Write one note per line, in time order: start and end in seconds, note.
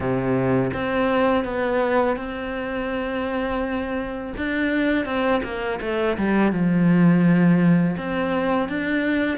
0.00 0.70 C3
0.73 1.44 C4
1.44 2.16 B3
2.16 4.33 C4
4.37 5.05 D4
5.05 5.41 C4
5.43 5.79 A#3
5.81 6.17 A3
6.17 6.52 G3
6.52 7.96 F3
7.97 8.68 C4
8.68 9.37 D4